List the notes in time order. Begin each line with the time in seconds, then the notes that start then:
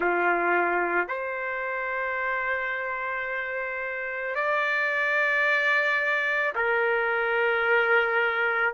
0.00 F4
1.08 C5
4.35 D5
6.55 A#4